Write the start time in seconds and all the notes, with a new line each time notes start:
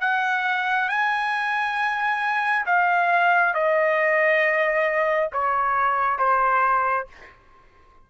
0.00 F#5
0.89 G#5
2.66 F5
3.53 D#5
5.32 C#5
6.18 C5